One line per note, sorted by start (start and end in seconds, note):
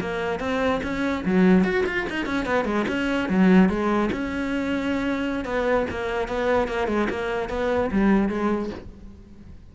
0.00 0.39 A#3
0.39 0.80 C4
0.83 1.24 C#4
1.25 1.64 F#3
1.64 1.84 F#4
1.86 2.06 F4
2.09 2.25 D#4
2.25 2.45 C#4
2.45 2.65 B3
2.65 2.85 G#3
2.88 3.29 C#4
3.29 3.69 F#3
3.69 4.10 G#3
4.12 5.45 C#4
5.45 5.86 B3
5.90 6.28 A#3
6.28 6.67 B3
6.67 6.87 A#3
6.87 7.08 G#3
7.09 7.49 A#3
7.49 7.90 B3
7.91 8.29 G3
8.29 8.70 G#3